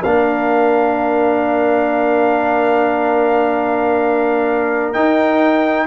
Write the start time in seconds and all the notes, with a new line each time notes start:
0.00 A#3 D4 A#4 F5
4.93 D#4 G5